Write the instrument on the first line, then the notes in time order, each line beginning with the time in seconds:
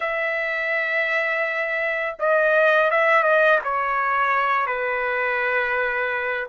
trumpet
0.00 E5
2.19 D#5
2.90 E5
3.23 D#5
3.64 C#5
4.66 B4